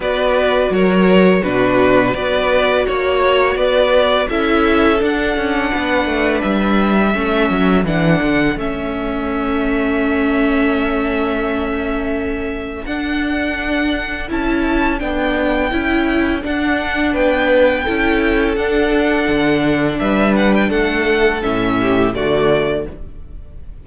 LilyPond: <<
  \new Staff \with { instrumentName = "violin" } { \time 4/4 \tempo 4 = 84 d''4 cis''4 b'4 d''4 | cis''4 d''4 e''4 fis''4~ | fis''4 e''2 fis''4 | e''1~ |
e''2 fis''2 | a''4 g''2 fis''4 | g''2 fis''2 | e''8 fis''16 g''16 fis''4 e''4 d''4 | }
  \new Staff \with { instrumentName = "violin" } { \time 4/4 b'4 ais'4 fis'4 b'4 | cis''4 b'4 a'2 | b'2 a'2~ | a'1~ |
a'1~ | a'1 | b'4 a'2. | b'4 a'4. g'8 fis'4 | }
  \new Staff \with { instrumentName = "viola" } { \time 4/4 fis'2 d'4 fis'4~ | fis'2 e'4 d'4~ | d'2 cis'4 d'4 | cis'1~ |
cis'2 d'2 | e'4 d'4 e'4 d'4~ | d'4 e'4 d'2~ | d'2 cis'4 a4 | }
  \new Staff \with { instrumentName = "cello" } { \time 4/4 b4 fis4 b,4 b4 | ais4 b4 cis'4 d'8 cis'8 | b8 a8 g4 a8 fis8 e8 d8 | a1~ |
a2 d'2 | cis'4 b4 cis'4 d'4 | b4 cis'4 d'4 d4 | g4 a4 a,4 d4 | }
>>